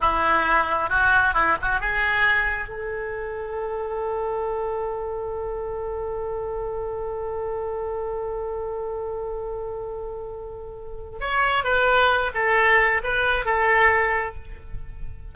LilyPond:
\new Staff \with { instrumentName = "oboe" } { \time 4/4 \tempo 4 = 134 e'2 fis'4 e'8 fis'8 | gis'2 a'2~ | a'1~ | a'1~ |
a'1~ | a'1~ | a'4 cis''4 b'4. a'8~ | a'4 b'4 a'2 | }